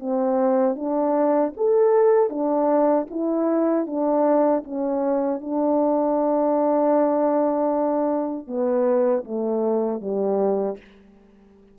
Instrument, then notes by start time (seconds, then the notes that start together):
horn
0.00 C4
0.76 D4
1.57 A4
2.30 D4
3.11 E4
3.87 D4
4.65 C#4
5.41 D4
8.48 B3
9.25 A3
10.01 G3